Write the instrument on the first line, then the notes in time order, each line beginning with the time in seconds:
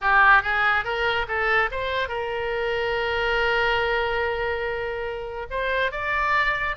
oboe
0.01 G4
0.42 G#4
0.84 A#4
1.28 A4
1.71 C5
2.08 A#4
5.50 C5
5.91 D5